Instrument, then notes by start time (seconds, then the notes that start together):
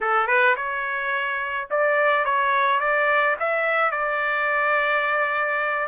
trumpet
0.00 A4
0.27 B4
0.56 C#5
1.70 D5
2.25 C#5
2.79 D5
3.39 E5
3.91 D5